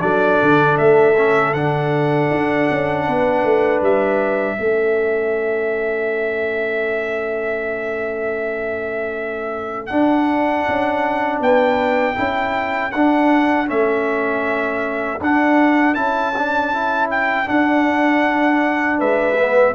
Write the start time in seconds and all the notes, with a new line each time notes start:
0.00 F#3 D4 A4 D5
0.42 D3
0.78 A3 E5
1.16 C#4
1.53 D3 D4 F#5
2.31 D4
2.71 C#4
3.07 B3 B4
3.44 A3
3.82 G3 E5
4.56 A3 C#4 A4
9.87 D4 F#5
10.68 C#4
11.40 B3 B4 G5
12.15 C#4 E4 A4
12.92 D4 F#5
13.66 A3 C#4 E5
15.21 D4 F#5
15.94 C#4 E4 A5
16.37 D4
16.73 E4
17.10 G5
17.46 D4 F#5
18.98 G#3 B4 E5
19.39 B3